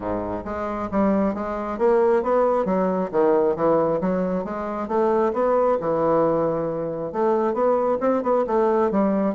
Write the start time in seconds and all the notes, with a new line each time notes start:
0.00 G#2
0.44 G#3
0.91 G3
1.34 G#3
1.78 A#3
2.22 B3
2.65 F#3
3.11 D#3
3.56 E3
4.00 F#3
4.44 G#3
4.88 A3
5.33 B3
5.80 E3
7.12 A3
7.53 B3
8.00 C4
8.22 B3
8.46 A3
8.91 G3